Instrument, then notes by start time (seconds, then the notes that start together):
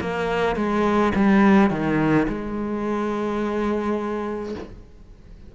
cello
0.00 A#3
0.56 G#3
1.15 G3
1.70 D#3
2.28 G#3